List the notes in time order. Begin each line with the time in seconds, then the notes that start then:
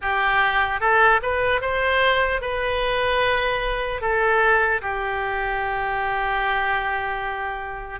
0.01 G4
0.80 A4
1.22 B4
1.61 C5
2.41 B4
4.01 A4
4.81 G4